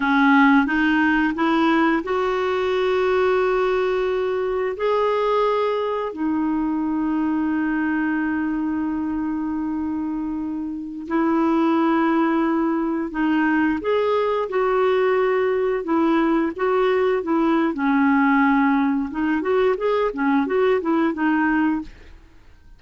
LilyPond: \new Staff \with { instrumentName = "clarinet" } { \time 4/4 \tempo 4 = 88 cis'4 dis'4 e'4 fis'4~ | fis'2. gis'4~ | gis'4 dis'2.~ | dis'1~ |
dis'16 e'2. dis'8.~ | dis'16 gis'4 fis'2 e'8.~ | e'16 fis'4 e'8. cis'2 | dis'8 fis'8 gis'8 cis'8 fis'8 e'8 dis'4 | }